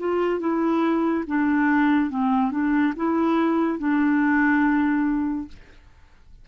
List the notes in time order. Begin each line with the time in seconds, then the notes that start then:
0.00 F4
0.40 E4
1.28 D4
2.11 C4
2.52 D4
2.97 E4
3.79 D4